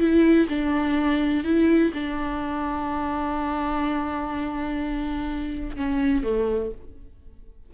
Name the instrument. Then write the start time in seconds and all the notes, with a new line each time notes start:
viola
0.00 E4
0.49 D4
1.44 E4
1.94 D4
5.77 C#4
6.23 A3